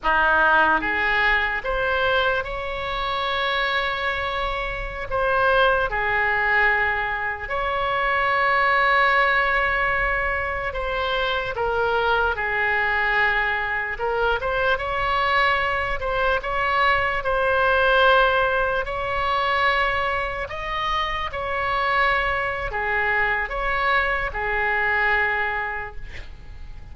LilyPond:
\new Staff \with { instrumentName = "oboe" } { \time 4/4 \tempo 4 = 74 dis'4 gis'4 c''4 cis''4~ | cis''2~ cis''16 c''4 gis'8.~ | gis'4~ gis'16 cis''2~ cis''8.~ | cis''4~ cis''16 c''4 ais'4 gis'8.~ |
gis'4~ gis'16 ais'8 c''8 cis''4. c''16~ | c''16 cis''4 c''2 cis''8.~ | cis''4~ cis''16 dis''4 cis''4.~ cis''16 | gis'4 cis''4 gis'2 | }